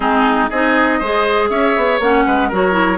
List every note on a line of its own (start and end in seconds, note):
0.00 0.49 G#3
0.00 0.49 C4
0.00 0.50 D#4
0.00 0.49 G#4
0.49 1.00 C4
0.49 1.02 D#4
0.49 0.99 G#4
0.49 1.49 D#5
0.99 1.49 G#3
0.99 2.02 G#4
0.99 1.49 C5
1.49 1.74 C#4
1.49 2.25 C#5
1.49 1.99 E5
1.76 1.99 B3
1.99 2.24 A#3
1.99 2.51 C#4
1.99 2.52 F#5
2.26 2.51 G#3
2.26 2.48 B4
2.48 2.97 F#3
2.48 2.72 F#4
2.48 2.97 A#4
2.48 2.97 C#5
2.72 2.97 E4